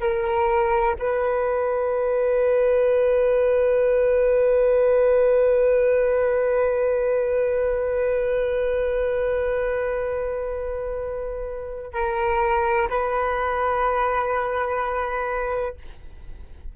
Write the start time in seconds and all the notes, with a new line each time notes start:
0.00 A#4
0.98 B4
11.93 A#4
12.89 B4